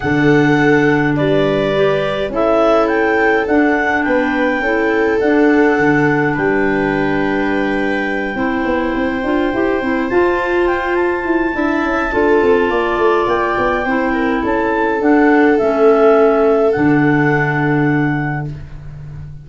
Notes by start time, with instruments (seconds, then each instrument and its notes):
0.00 tuba D3, clarinet D4 F#5, viola A4
1.16 tuba G3, viola B4, clarinet D5
1.75 clarinet G4
2.28 tuba C#4, clarinet E4 E5, viola A4
2.87 clarinet G5
3.47 tuba D4, clarinet D4 F#5
4.03 tuba B3, viola B4, clarinet G5
4.59 tuba C#4, clarinet E4, viola A4
5.20 clarinet D4 F#5, tuba D4
5.78 tuba D3
6.34 tuba G3, viola B4, clarinet G5
8.34 tuba C4, clarinet E4, viola C5
8.65 tuba B3
8.95 tuba C4
9.23 tuba D4, clarinet F4
9.53 tuba E4, clarinet G4
9.81 tuba C4, clarinet E4
10.09 clarinet F4 A5, tuba F4
10.66 clarinet G5
10.95 clarinet A5
11.24 tuba E4
11.52 tuba D4, clarinet E4, viola E5
11.82 tuba C#4
12.10 tuba D4, clarinet F4, viola A4
12.42 tuba C4
12.70 tuba A#3, viola D5
12.97 tuba A3
13.26 tuba A#3, clarinet G5
13.58 tuba B3
13.84 tuba C4, clarinet E4, viola C5
14.12 viola A#4
14.41 tuba C#4, viola A4, clarinet A5
14.99 clarinet D4 F#5, tuba D4
15.58 tuba A3, clarinet C#4 E5
16.71 tuba D3, clarinet D4 F#5